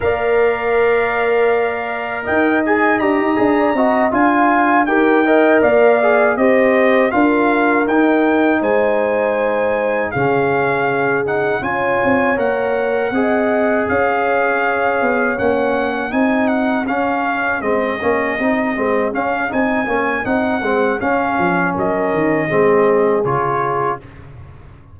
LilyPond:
<<
  \new Staff \with { instrumentName = "trumpet" } { \time 4/4 \tempo 4 = 80 f''2. g''8 gis''8 | ais''4. gis''4 g''4 f''8~ | f''8 dis''4 f''4 g''4 gis''8~ | gis''4. f''4. fis''8 gis''8~ |
gis''8 fis''2 f''4.~ | f''8 fis''4 gis''8 fis''8 f''4 dis''8~ | dis''4. f''8 gis''4 fis''4 | f''4 dis''2 cis''4 | }
  \new Staff \with { instrumentName = "horn" } { \time 4/4 d''2. dis''4~ | dis''8. d''16 dis''8 f''4 ais'8 dis''8 d''8~ | d''8 c''4 ais'2 c''8~ | c''4. gis'2 cis''8~ |
cis''4. dis''4 cis''4.~ | cis''4. gis'2~ gis'8~ | gis'1~ | gis'4 ais'4 gis'2 | }
  \new Staff \with { instrumentName = "trombone" } { \time 4/4 ais'2.~ ais'8 gis'8 | g'8 gis'8 fis'8 f'4 g'8 ais'4 | gis'8 g'4 f'4 dis'4.~ | dis'4. cis'4. dis'8 f'8~ |
f'8 ais'4 gis'2~ gis'8~ | gis'8 cis'4 dis'4 cis'4 c'8 | cis'8 dis'8 c'8 cis'8 dis'8 cis'8 dis'8 c'8 | cis'2 c'4 f'4 | }
  \new Staff \with { instrumentName = "tuba" } { \time 4/4 ais2. dis'4 | d'16 dis'16 d'8 c'8 d'4 dis'4 ais8~ | ais8 c'4 d'4 dis'4 gis8~ | gis4. cis2 cis'8 |
c'8 ais4 c'4 cis'4. | b8 ais4 c'4 cis'4 gis8 | ais8 c'8 gis8 cis'8 c'8 ais8 c'8 gis8 | cis'8 f8 fis8 dis8 gis4 cis4 | }
>>